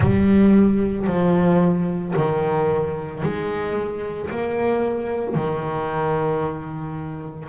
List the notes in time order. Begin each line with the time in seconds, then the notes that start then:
0.00 G3
1.07 F3
2.15 D#3
3.22 G#3
4.30 A#3
5.35 D#3